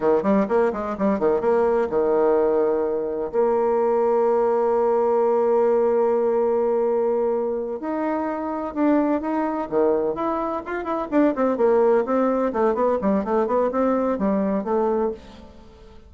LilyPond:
\new Staff \with { instrumentName = "bassoon" } { \time 4/4 \tempo 4 = 127 dis8 g8 ais8 gis8 g8 dis8 ais4 | dis2. ais4~ | ais1~ | ais1~ |
ais8 dis'2 d'4 dis'8~ | dis'8 dis4 e'4 f'8 e'8 d'8 | c'8 ais4 c'4 a8 b8 g8 | a8 b8 c'4 g4 a4 | }